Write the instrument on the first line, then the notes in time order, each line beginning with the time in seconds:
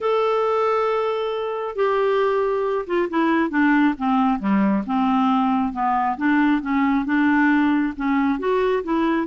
clarinet
0.00 A4
1.75 G4
2.87 F4
3.09 E4
3.50 D4
3.97 C4
4.39 G3
4.86 C4
5.72 B3
6.17 D4
6.61 C#4
7.05 D4
7.96 C#4
8.39 F#4
8.83 E4